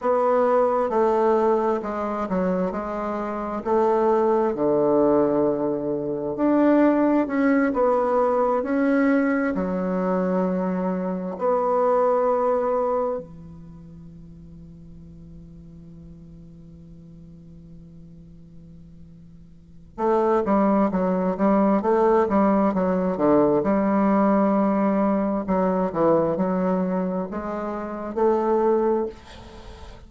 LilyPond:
\new Staff \with { instrumentName = "bassoon" } { \time 4/4 \tempo 4 = 66 b4 a4 gis8 fis8 gis4 | a4 d2 d'4 | cis'8 b4 cis'4 fis4.~ | fis8 b2 e4.~ |
e1~ | e2 a8 g8 fis8 g8 | a8 g8 fis8 d8 g2 | fis8 e8 fis4 gis4 a4 | }